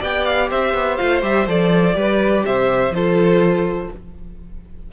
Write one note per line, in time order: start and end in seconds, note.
0.00 0.51 B3
0.00 0.99 G4
0.00 0.49 D5
0.00 0.25 G5
0.25 0.50 F5
0.50 0.74 C4
0.50 1.96 C5
0.50 0.97 E5
0.74 0.98 B3
0.97 1.23 A3
0.97 1.21 F4
0.97 1.21 F5
1.21 1.47 G3
1.21 1.46 G4
1.21 1.49 E5
1.47 1.96 F3
1.47 1.94 A4
1.47 2.46 D5
1.94 2.45 G3
1.94 2.92 G4
1.94 2.45 B4
2.46 2.91 C3
2.46 2.95 C5
2.46 2.94 E5
2.91 3.88 F3
2.91 3.92 F4
2.91 3.93 A4
2.91 3.92 C5